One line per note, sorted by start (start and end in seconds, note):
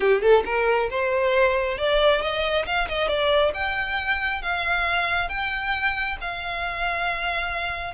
0.00 0.21 G4
0.21 0.43 A4
0.45 0.89 A#4
0.89 1.78 C5
1.78 2.21 D5
2.21 2.65 D#5
2.66 2.88 F5
2.88 3.07 D#5
3.07 3.52 D5
3.54 4.42 G5
4.42 5.28 F5
5.28 6.17 G5
6.20 7.94 F5